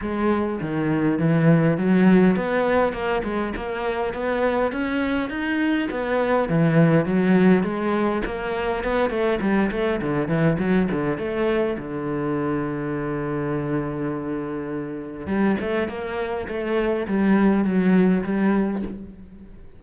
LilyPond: \new Staff \with { instrumentName = "cello" } { \time 4/4 \tempo 4 = 102 gis4 dis4 e4 fis4 | b4 ais8 gis8 ais4 b4 | cis'4 dis'4 b4 e4 | fis4 gis4 ais4 b8 a8 |
g8 a8 d8 e8 fis8 d8 a4 | d1~ | d2 g8 a8 ais4 | a4 g4 fis4 g4 | }